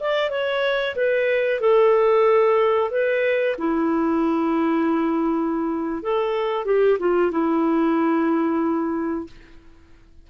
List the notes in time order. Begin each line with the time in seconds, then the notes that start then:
0.00 D5
0.30 C#5
0.95 B4
1.60 A4
2.91 B4
3.58 E4
6.02 A4
6.65 G4
6.99 F4
7.31 E4